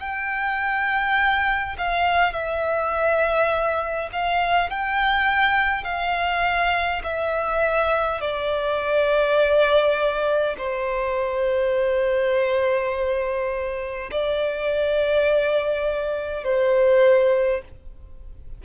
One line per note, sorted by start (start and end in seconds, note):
0.00 1.76 G5
1.78 2.33 F5
2.33 4.10 E5
4.12 4.70 F5
4.70 5.84 G5
5.84 7.02 F5
7.04 8.21 E5
8.21 10.56 D5
10.57 14.10 C5
14.11 16.44 D5
16.44 17.61 C5